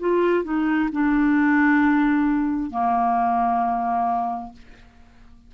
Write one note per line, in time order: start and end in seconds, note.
0.00 0.44 F4
0.44 0.90 D#4
0.93 2.71 D4
2.71 4.53 A#3